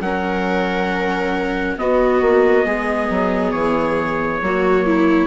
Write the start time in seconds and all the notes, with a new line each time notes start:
0.00 F#3 C#4 A#4 F#5
1.78 B3 F#4 D#5
2.21 A#3
2.65 G#3 G#4
3.09 F#3
3.51 E3 C#5
4.41 F#3 A#3 F#4
4.86 E4